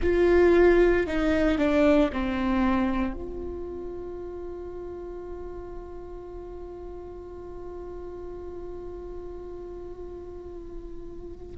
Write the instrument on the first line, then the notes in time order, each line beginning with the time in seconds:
viola
0.02 F4
1.07 D#4
1.58 D4
2.12 C4
3.13 F4